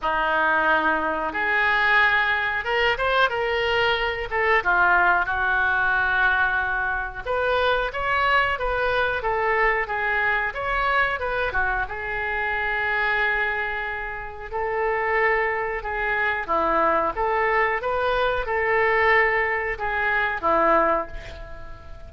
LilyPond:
\new Staff \with { instrumentName = "oboe" } { \time 4/4 \tempo 4 = 91 dis'2 gis'2 | ais'8 c''8 ais'4. a'8 f'4 | fis'2. b'4 | cis''4 b'4 a'4 gis'4 |
cis''4 b'8 fis'8 gis'2~ | gis'2 a'2 | gis'4 e'4 a'4 b'4 | a'2 gis'4 e'4 | }